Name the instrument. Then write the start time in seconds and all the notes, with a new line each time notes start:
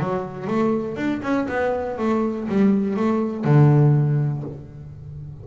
double bass
0.00 F#3
0.48 A3
0.97 D4
1.23 C#4
1.49 B3
1.98 A3
2.48 G3
2.97 A3
3.45 D3